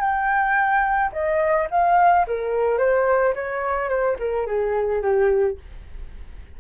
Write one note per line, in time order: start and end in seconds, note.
0.00 1.11 G5
1.12 1.68 D#5
1.71 2.26 F5
2.27 2.78 A#4
2.78 3.34 C5
3.35 3.89 C#5
3.89 4.17 C5
4.19 4.46 A#4
4.46 5.02 G#4
5.02 5.57 G4